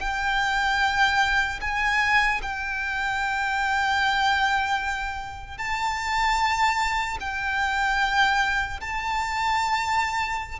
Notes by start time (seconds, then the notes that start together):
0.00 G5
1.61 G#5
2.42 G5
5.58 A5
7.21 G5
8.81 A5